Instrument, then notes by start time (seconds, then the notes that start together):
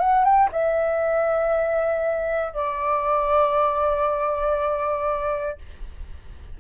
flute
0.00 F#5
0.24 G5
0.52 E5
2.54 D5